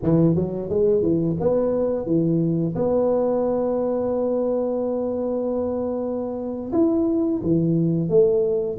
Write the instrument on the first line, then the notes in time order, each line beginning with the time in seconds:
tuba
0.03 E3
0.34 F#3
0.69 G#3
1.02 E3
1.39 B3
2.05 E3
2.75 B3
6.72 E4
7.43 E3
8.08 A3